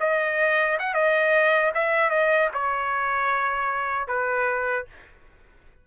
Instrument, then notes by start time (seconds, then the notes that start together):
trumpet
0.00 D#5
0.79 F#5
0.94 D#5
1.74 E5
2.10 D#5
2.53 C#5
4.07 B4